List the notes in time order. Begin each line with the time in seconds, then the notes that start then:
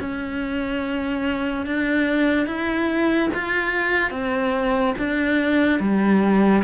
0.00 C#4
1.66 D4
2.47 E4
3.34 F4
4.11 C4
4.99 D4
5.80 G3